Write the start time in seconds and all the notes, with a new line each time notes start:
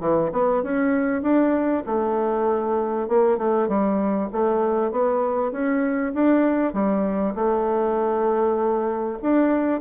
0.00 E3
0.32 B3
0.63 C#4
1.22 D4
1.86 A3
3.08 A#3
3.37 A3
3.68 G3
4.32 A3
4.91 B3
5.51 C#4
6.14 D4
6.73 G3
7.34 A3
9.22 D4